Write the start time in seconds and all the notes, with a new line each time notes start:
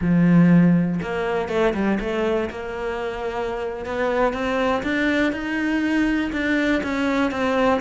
0.01 F3
1.02 A#3
1.49 A3
1.74 G3
2.00 A3
2.50 A#3
3.85 B3
4.33 C4
4.83 D4
5.32 D#4
6.32 D4
6.83 C#4
7.31 C4